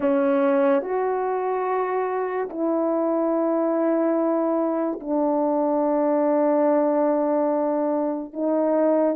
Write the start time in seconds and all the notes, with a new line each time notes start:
0.00 C#4
0.82 F#4
2.49 E4
5.00 D4
8.33 D#4